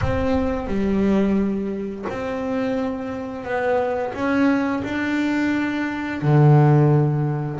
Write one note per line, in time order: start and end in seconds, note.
0.01 0.67 C4
0.67 2.05 G3
2.09 3.44 C4
3.44 4.13 B3
4.13 4.82 C#4
4.83 6.21 D4
6.22 7.60 D3